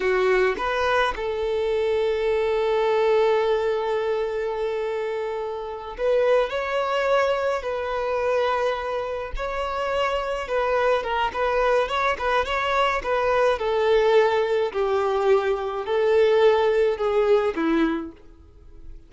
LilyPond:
\new Staff \with { instrumentName = "violin" } { \time 4/4 \tempo 4 = 106 fis'4 b'4 a'2~ | a'1~ | a'2~ a'8 b'4 cis''8~ | cis''4. b'2~ b'8~ |
b'8 cis''2 b'4 ais'8 | b'4 cis''8 b'8 cis''4 b'4 | a'2 g'2 | a'2 gis'4 e'4 | }